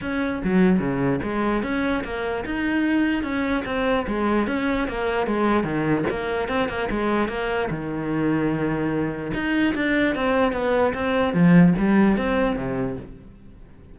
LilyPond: \new Staff \with { instrumentName = "cello" } { \time 4/4 \tempo 4 = 148 cis'4 fis4 cis4 gis4 | cis'4 ais4 dis'2 | cis'4 c'4 gis4 cis'4 | ais4 gis4 dis4 ais4 |
c'8 ais8 gis4 ais4 dis4~ | dis2. dis'4 | d'4 c'4 b4 c'4 | f4 g4 c'4 c4 | }